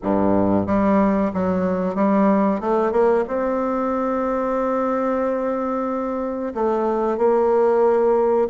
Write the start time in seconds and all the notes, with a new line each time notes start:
0.02 G2
0.66 G3
1.33 F#3
1.95 G3
2.60 A3
2.92 A#3
3.27 C4
6.54 A3
7.17 A#3